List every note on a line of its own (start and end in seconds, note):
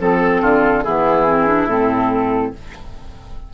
0.00 0.42 F3
0.00 0.85 C4
0.00 0.83 A4
0.00 0.42 A4
0.42 0.85 D3
0.42 0.84 F4
0.83 1.67 E3
0.83 1.27 B3
0.83 2.53 E4
0.83 1.68 G#4
1.27 1.47 C4
1.47 1.68 D4
1.67 2.52 A2
1.67 2.54 C4
1.67 2.53 A4